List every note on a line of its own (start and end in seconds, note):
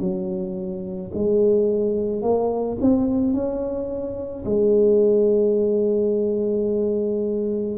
0.00 1.11 F#3
1.14 2.22 G#3
2.22 2.78 A#3
2.81 3.33 C4
3.33 4.44 C#4
4.45 7.78 G#3